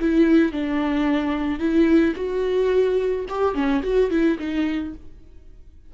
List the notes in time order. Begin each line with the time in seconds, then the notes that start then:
0.00 E4
0.53 D4
1.60 E4
2.16 F#4
3.29 G4
3.55 C#4
3.83 F#4
4.11 E4
4.40 D#4